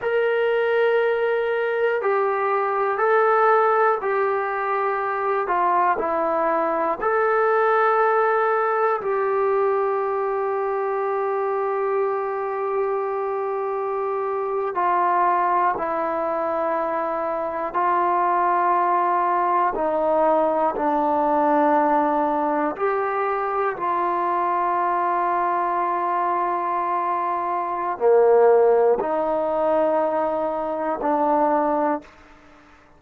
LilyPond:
\new Staff \with { instrumentName = "trombone" } { \time 4/4 \tempo 4 = 60 ais'2 g'4 a'4 | g'4. f'8 e'4 a'4~ | a'4 g'2.~ | g'2~ g'8. f'4 e'16~ |
e'4.~ e'16 f'2 dis'16~ | dis'8. d'2 g'4 f'16~ | f'1 | ais4 dis'2 d'4 | }